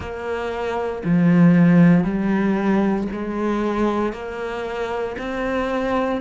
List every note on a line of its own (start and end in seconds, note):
0.00 1.03 A#3
1.04 2.04 F3
2.04 3.07 G3
3.12 4.12 G#3
4.12 5.16 A#3
5.18 6.21 C4